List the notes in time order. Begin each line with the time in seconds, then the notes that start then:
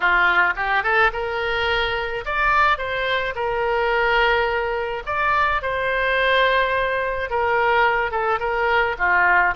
0.00 F4
0.56 G4
0.83 A4
1.12 A#4
2.25 D5
2.78 C5
3.35 A#4
5.06 D5
5.62 C5
7.30 A#4
8.11 A4
8.39 A#4
8.98 F4